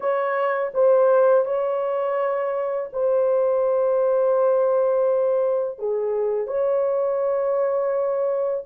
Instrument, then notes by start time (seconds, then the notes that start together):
horn
0.00 C#5
0.74 C5
1.45 C#5
2.92 C5
5.78 G#4
6.47 C#5